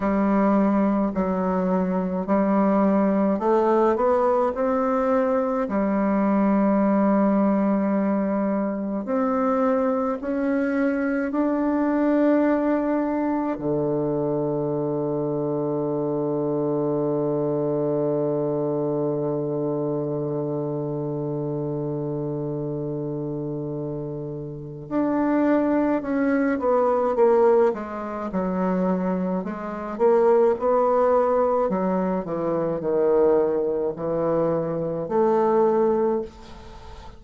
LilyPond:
\new Staff \with { instrumentName = "bassoon" } { \time 4/4 \tempo 4 = 53 g4 fis4 g4 a8 b8 | c'4 g2. | c'4 cis'4 d'2 | d1~ |
d1~ | d2 d'4 cis'8 b8 | ais8 gis8 fis4 gis8 ais8 b4 | fis8 e8 dis4 e4 a4 | }